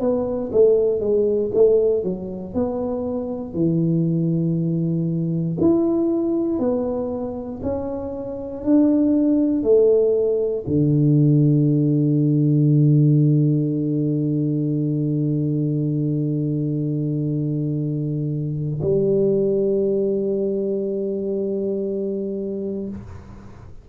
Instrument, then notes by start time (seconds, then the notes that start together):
tuba
0.00 B3
0.52 A3
1.00 G#3
1.54 A3
2.03 F#3
2.54 B3
3.54 E3
5.60 E4
6.59 B3
7.62 C#4
8.63 D4
9.62 A3
10.67 D3
18.82 G3